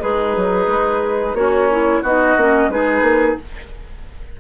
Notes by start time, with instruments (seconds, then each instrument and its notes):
0.00 bassoon G#3, oboe D#4, clarinet G#4, flute B4
0.36 bassoon F#3
0.67 bassoon G#3
1.33 bassoon A#3, oboe C#4, clarinet F#4, flute C#5
1.70 clarinet E4
2.02 bassoon B3, clarinet D#4, oboe F#4, flute D#5
2.37 bassoon A#3, clarinet C#4
2.69 bassoon G#3, clarinet D#4, oboe G#4, flute B4
3.01 bassoon A#3